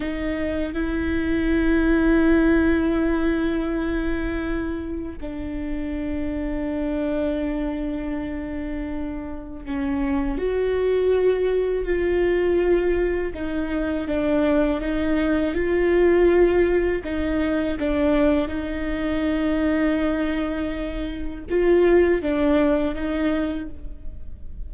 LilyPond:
\new Staff \with { instrumentName = "viola" } { \time 4/4 \tempo 4 = 81 dis'4 e'2.~ | e'2. d'4~ | d'1~ | d'4 cis'4 fis'2 |
f'2 dis'4 d'4 | dis'4 f'2 dis'4 | d'4 dis'2.~ | dis'4 f'4 d'4 dis'4 | }